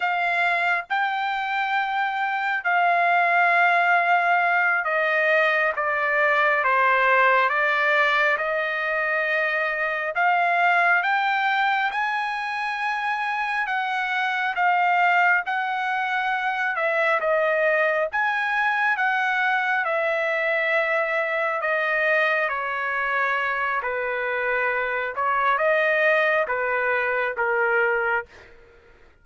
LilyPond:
\new Staff \with { instrumentName = "trumpet" } { \time 4/4 \tempo 4 = 68 f''4 g''2 f''4~ | f''4. dis''4 d''4 c''8~ | c''8 d''4 dis''2 f''8~ | f''8 g''4 gis''2 fis''8~ |
fis''8 f''4 fis''4. e''8 dis''8~ | dis''8 gis''4 fis''4 e''4.~ | e''8 dis''4 cis''4. b'4~ | b'8 cis''8 dis''4 b'4 ais'4 | }